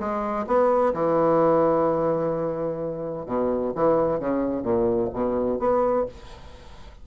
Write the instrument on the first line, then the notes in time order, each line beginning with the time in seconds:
bassoon
0.00 G#3
0.47 B3
0.94 E3
3.26 B2
3.75 E3
4.20 C#3
4.63 A#2
5.14 B2
5.60 B3